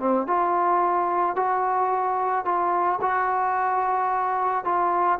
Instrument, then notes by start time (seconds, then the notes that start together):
trombone
0.00 C4
0.27 F4
1.36 F#4
2.45 F4
3.02 F#4
4.65 F4